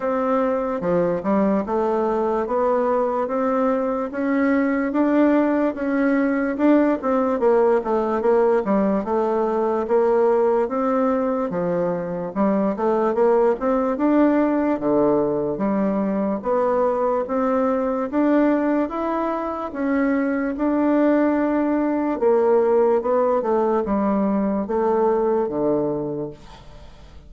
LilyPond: \new Staff \with { instrumentName = "bassoon" } { \time 4/4 \tempo 4 = 73 c'4 f8 g8 a4 b4 | c'4 cis'4 d'4 cis'4 | d'8 c'8 ais8 a8 ais8 g8 a4 | ais4 c'4 f4 g8 a8 |
ais8 c'8 d'4 d4 g4 | b4 c'4 d'4 e'4 | cis'4 d'2 ais4 | b8 a8 g4 a4 d4 | }